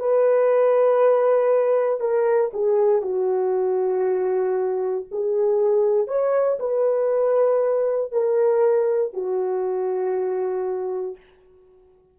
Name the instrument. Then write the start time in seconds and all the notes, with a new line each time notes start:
horn
0.00 B4
2.01 A#4
2.54 G#4
3.02 F#4
5.12 G#4
6.08 C#5
6.60 B4
8.12 A#4
9.14 F#4